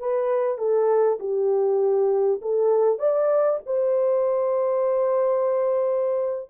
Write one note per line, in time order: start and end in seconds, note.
0.00 0.58 B4
0.58 1.19 A4
1.20 2.41 G4
2.42 2.99 A4
2.99 3.60 D5
3.66 6.50 C5